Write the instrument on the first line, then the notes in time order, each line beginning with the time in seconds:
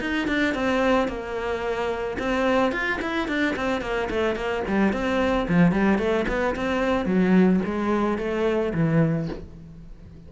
cello
0.00 D#4
0.28 D4
0.54 C4
1.08 A#3
2.18 C4
2.72 F4
3.01 E4
3.28 D4
3.56 C4
3.81 A#3
4.10 A3
4.35 A#3
4.67 G3
4.92 C4
5.48 F3
5.71 G3
5.98 A3
6.28 B3
6.55 C4
7.05 F#3
7.65 G#3
8.18 A3
8.73 E3